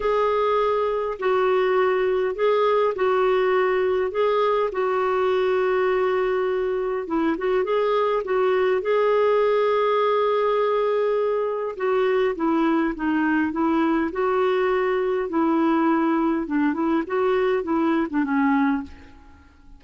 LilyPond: \new Staff \with { instrumentName = "clarinet" } { \time 4/4 \tempo 4 = 102 gis'2 fis'2 | gis'4 fis'2 gis'4 | fis'1 | e'8 fis'8 gis'4 fis'4 gis'4~ |
gis'1 | fis'4 e'4 dis'4 e'4 | fis'2 e'2 | d'8 e'8 fis'4 e'8. d'16 cis'4 | }